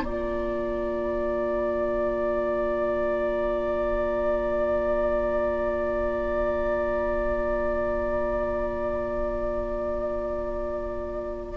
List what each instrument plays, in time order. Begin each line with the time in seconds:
0.00 bassoon A#3, clarinet F4, oboe D5, flute A#5